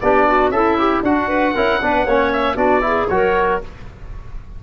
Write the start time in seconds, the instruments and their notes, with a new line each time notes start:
0.00 tuba B3, trombone D4, clarinet G4, oboe D5
0.27 clarinet F#4
0.49 tuba C#4, clarinet E4, trombone A4, oboe E5
0.78 trombone G4
1.02 tuba D4, clarinet D4, trombone F#4, oboe F#5
1.28 clarinet B4
1.54 tuba C#4, trombone E4, clarinet A#4
1.81 tuba B3, trombone D4, clarinet B4
2.05 tuba A#3, trombone C#4, clarinet C#5
2.32 oboe E5
2.55 tuba B3, trombone D4, clarinet F#4, oboe D5
2.81 trombone E4, clarinet G#4
3.07 tuba F#3, trombone F#4, clarinet A#4, oboe C#5